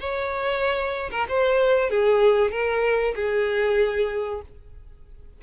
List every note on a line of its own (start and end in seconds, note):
0.00 1.11 C#5
1.11 1.27 A#4
1.29 1.90 C5
1.90 2.51 G#4
2.51 3.14 A#4
3.15 4.42 G#4